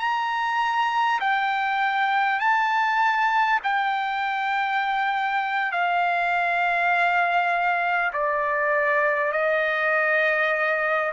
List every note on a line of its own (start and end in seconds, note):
0.00 1.20 A#5
1.21 2.40 G5
2.40 3.60 A5
3.64 5.72 G5
5.72 8.12 F5
8.13 9.32 D5
9.32 11.12 D#5